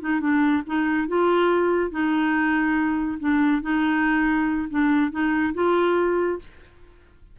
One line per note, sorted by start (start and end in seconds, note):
0.00 0.20 D#4
0.20 0.62 D4
0.66 1.08 D#4
1.08 1.91 F4
1.91 3.18 D#4
3.19 3.62 D4
3.62 4.68 D#4
4.70 5.11 D4
5.11 5.53 D#4
5.53 6.38 F4